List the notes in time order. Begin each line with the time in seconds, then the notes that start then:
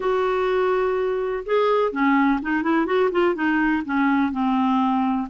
0.00 F#4
1.45 G#4
1.92 C#4
2.42 D#4
2.62 E4
2.86 F#4
3.11 F4
3.34 D#4
3.85 C#4
4.32 C4